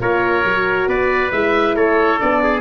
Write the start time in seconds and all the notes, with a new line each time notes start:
0.00 A#3 F4 A#4 C#5
0.45 F#3 F#4
0.87 B3 B4 D5
1.32 G#3 E4 E5
1.75 A3 A4 C#5
2.18 B3 D4 D5
2.43 G#4